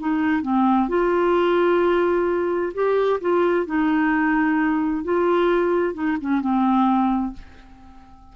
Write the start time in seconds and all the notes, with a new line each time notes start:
0.00 D#4
0.42 C4
0.89 F4
2.74 G4
3.21 F4
3.67 D#4
5.04 F4
5.95 D#4
6.21 C#4
6.41 C4